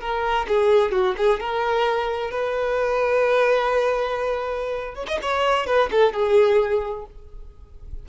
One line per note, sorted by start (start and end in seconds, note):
0.00 0.46 A#4
0.48 0.91 G#4
0.91 1.14 F#4
1.17 1.40 G#4
1.40 2.31 A#4
2.31 4.95 B4
4.95 5.06 C#5
5.07 5.19 D#5
5.22 5.66 C#5
5.66 5.89 B4
5.91 6.13 A4
6.13 7.06 G#4